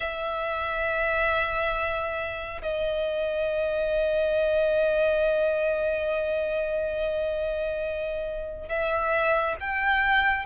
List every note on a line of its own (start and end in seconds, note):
0.00 2.61 E5
2.61 8.68 D#5
8.68 9.55 E5
9.59 10.45 G5